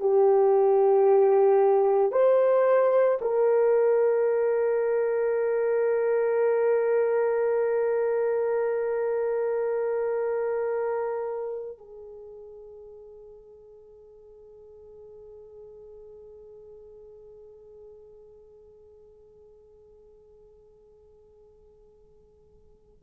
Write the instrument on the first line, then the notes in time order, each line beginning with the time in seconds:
horn
0.00 G4
2.12 C5
3.21 A#4
11.78 G#4